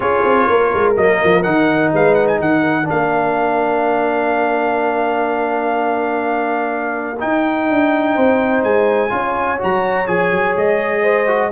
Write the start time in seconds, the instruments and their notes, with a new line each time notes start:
0.00 tuba C#4, trombone F4, horn G#4, trumpet C#5
0.24 tuba C4
0.49 tuba A#3, horn A#4
0.73 tuba G#3
0.96 tuba F#3, trombone A#3, trumpet D#5
1.23 tuba F3
1.42 tuba D#3, trombone D#4, trumpet F#5
1.93 tuba G#3, horn B4, trumpet F5
2.15 trumpet F#5
2.27 trumpet G#5
2.40 tuba D#3, horn A#4, trumpet F#5
2.83 trombone D4, trumpet F5
2.91 tuba A#3
7.19 trombone D#4, tuba D#4, trumpet G5
7.70 tuba D4
8.14 tuba C4, horn C5
8.63 tuba G#3, trumpet G#5
9.09 tuba C#4, trombone F4, horn C#5
9.58 tuba F#3, trombone F#4, trumpet A#5
10.07 tuba F3, trombone G#4, trumpet G#5
10.31 tuba F#3
10.56 tuba G#3, trumpet D#5
11.02 horn C5
11.26 trombone F#4